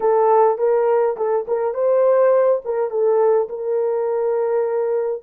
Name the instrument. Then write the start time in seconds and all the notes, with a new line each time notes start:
horn
0.00 A4
0.58 A#4
1.17 A4
1.47 A#4
1.74 C5
2.65 A#4
2.90 A4
3.48 A#4